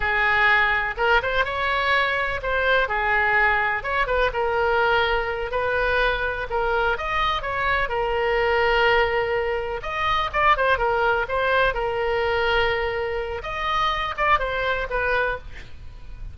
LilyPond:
\new Staff \with { instrumentName = "oboe" } { \time 4/4 \tempo 4 = 125 gis'2 ais'8 c''8 cis''4~ | cis''4 c''4 gis'2 | cis''8 b'8 ais'2~ ais'8 b'8~ | b'4. ais'4 dis''4 cis''8~ |
cis''8 ais'2.~ ais'8~ | ais'8 dis''4 d''8 c''8 ais'4 c''8~ | c''8 ais'2.~ ais'8 | dis''4. d''8 c''4 b'4 | }